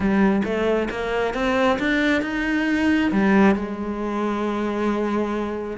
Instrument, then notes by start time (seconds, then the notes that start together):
cello
0.00 G3
0.44 A3
0.90 A#3
1.34 C4
1.79 D4
2.22 D#4
3.11 G3
3.55 G#3